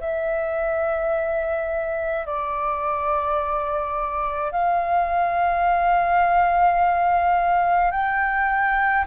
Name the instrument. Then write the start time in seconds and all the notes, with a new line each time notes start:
flute
0.00 E5
2.26 D5
4.52 F5
7.91 G5